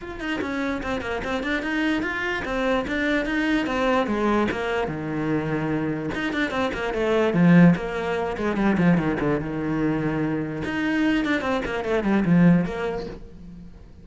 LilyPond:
\new Staff \with { instrumentName = "cello" } { \time 4/4 \tempo 4 = 147 f'8 dis'8 cis'4 c'8 ais8 c'8 d'8 | dis'4 f'4 c'4 d'4 | dis'4 c'4 gis4 ais4 | dis2. dis'8 d'8 |
c'8 ais8 a4 f4 ais4~ | ais8 gis8 g8 f8 dis8 d8 dis4~ | dis2 dis'4. d'8 | c'8 ais8 a8 g8 f4 ais4 | }